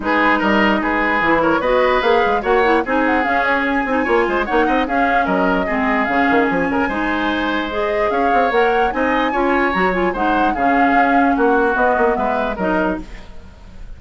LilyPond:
<<
  \new Staff \with { instrumentName = "flute" } { \time 4/4 \tempo 4 = 148 b'4 dis''4 b'4. cis''8 | dis''4 f''4 fis''4 gis''8 fis''8 | f''8 cis''8 gis''2 fis''4 | f''4 dis''2 f''4 |
gis''2. dis''4 | f''4 fis''4 gis''2 | ais''8 gis''8 fis''4 f''2 | fis''4 dis''4 e''4 dis''4 | }
  \new Staff \with { instrumentName = "oboe" } { \time 4/4 gis'4 ais'4 gis'4. ais'8 | b'2 cis''4 gis'4~ | gis'2 cis''8 c''8 cis''8 dis''8 | gis'4 ais'4 gis'2~ |
gis'8 ais'8 c''2. | cis''2 dis''4 cis''4~ | cis''4 c''4 gis'2 | fis'2 b'4 ais'4 | }
  \new Staff \with { instrumentName = "clarinet" } { \time 4/4 dis'2. e'4 | fis'4 gis'4 fis'8 e'8 dis'4 | cis'4. dis'8 f'4 dis'4 | cis'2 c'4 cis'4~ |
cis'4 dis'2 gis'4~ | gis'4 ais'4 dis'4 f'4 | fis'8 f'8 dis'4 cis'2~ | cis'4 b2 dis'4 | }
  \new Staff \with { instrumentName = "bassoon" } { \time 4/4 gis4 g4 gis4 e4 | b4 ais8 gis8 ais4 c'4 | cis'4. c'8 ais8 gis8 ais8 c'8 | cis'4 fis4 gis4 cis8 dis8 |
f8 cis8 gis2. | cis'8 c'8 ais4 c'4 cis'4 | fis4 gis4 cis4 cis'4 | ais4 b8 ais8 gis4 fis4 | }
>>